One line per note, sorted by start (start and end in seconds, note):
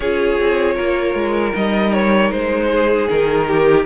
0.00 0.38 C#4
0.00 1.53 F4
0.00 0.75 G#4
0.00 1.54 C#5
0.39 0.78 C4
0.75 1.14 A#3
0.75 2.67 A#4
1.14 1.52 G#3
1.53 2.31 G3
1.53 3.84 D#4
1.53 1.93 D#5
1.93 2.31 C#5
2.31 3.08 G#3
2.31 3.08 C5
2.71 3.47 G#4
3.09 3.85 D#3
3.09 3.85 A#4
3.47 3.85 G4